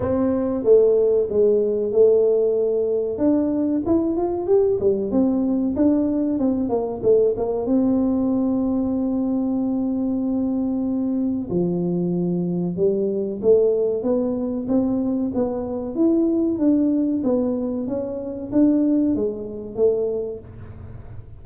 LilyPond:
\new Staff \with { instrumentName = "tuba" } { \time 4/4 \tempo 4 = 94 c'4 a4 gis4 a4~ | a4 d'4 e'8 f'8 g'8 g8 | c'4 d'4 c'8 ais8 a8 ais8 | c'1~ |
c'2 f2 | g4 a4 b4 c'4 | b4 e'4 d'4 b4 | cis'4 d'4 gis4 a4 | }